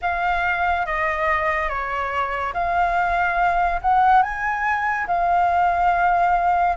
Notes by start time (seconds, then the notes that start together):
0.01 F5
0.86 D#5
1.69 C#5
2.53 F5
3.81 F#5
4.22 G#5
5.07 F5